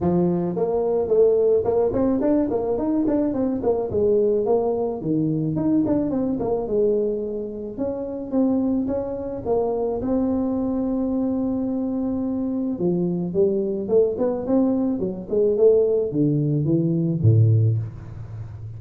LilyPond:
\new Staff \with { instrumentName = "tuba" } { \time 4/4 \tempo 4 = 108 f4 ais4 a4 ais8 c'8 | d'8 ais8 dis'8 d'8 c'8 ais8 gis4 | ais4 dis4 dis'8 d'8 c'8 ais8 | gis2 cis'4 c'4 |
cis'4 ais4 c'2~ | c'2. f4 | g4 a8 b8 c'4 fis8 gis8 | a4 d4 e4 a,4 | }